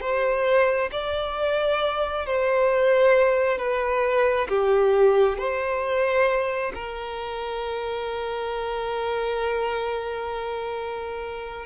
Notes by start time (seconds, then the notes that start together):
0.00 C5
0.92 D5
2.26 C5
3.58 B4
4.49 G4
5.38 C5
6.74 A#4